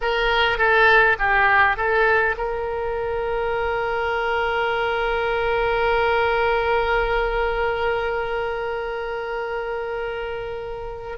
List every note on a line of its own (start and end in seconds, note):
0.01 0.58 A#4
0.58 1.17 A4
1.18 1.76 G4
1.76 2.35 A4
2.37 11.18 A#4